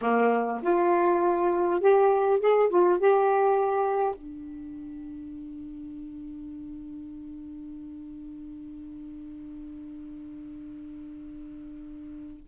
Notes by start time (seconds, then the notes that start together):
0.01 A#3
0.62 F4
1.80 G4
2.40 G#4
2.69 F4
2.99 G4
4.14 D4